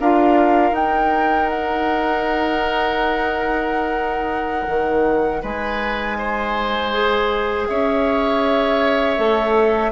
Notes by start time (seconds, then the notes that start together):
0.00 D4 F4 A#4 F5
0.72 D#4 G5
1.50 F#5
4.68 D#3
5.42 G#3 B4 G#5
6.18 C5
6.93 G#4
7.67 C#4 C#5 E5
9.18 A3 A4